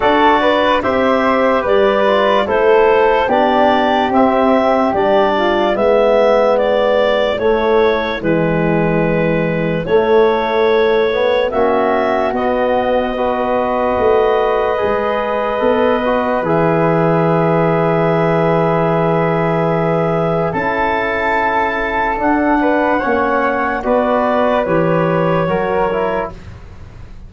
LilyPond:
<<
  \new Staff \with { instrumentName = "clarinet" } { \time 4/4 \tempo 4 = 73 d''4 e''4 d''4 c''4 | d''4 e''4 d''4 e''4 | d''4 cis''4 b'2 | cis''2 e''4 dis''4~ |
dis''1 | e''1~ | e''4 a''2 fis''4~ | fis''4 d''4 cis''2 | }
  \new Staff \with { instrumentName = "flute" } { \time 4/4 a'8 b'8 c''4 b'4 a'4 | g'2~ g'8 f'8 e'4~ | e'1~ | e'2 fis'2 |
b'1~ | b'1~ | b'4 a'2~ a'8 b'8 | cis''4 b'2 ais'4 | }
  \new Staff \with { instrumentName = "trombone" } { \time 4/4 fis'4 g'4. f'8 e'4 | d'4 c'4 d'4 b4~ | b4 a4 gis2 | a4. b8 cis'4 b4 |
fis'2 gis'4 a'8 fis'8 | gis'1~ | gis'4 e'2 d'4 | cis'4 fis'4 g'4 fis'8 e'8 | }
  \new Staff \with { instrumentName = "tuba" } { \time 4/4 d'4 c'4 g4 a4 | b4 c'4 g4 gis4~ | gis4 a4 e2 | a2 ais4 b4~ |
b4 a4 gis4 b4 | e1~ | e4 cis'2 d'4 | ais4 b4 e4 fis4 | }
>>